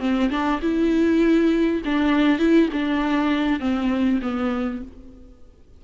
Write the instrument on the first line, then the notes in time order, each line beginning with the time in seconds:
viola
0.00 C4
0.31 D4
0.62 E4
1.85 D4
2.39 E4
2.73 D4
3.60 C4
4.22 B3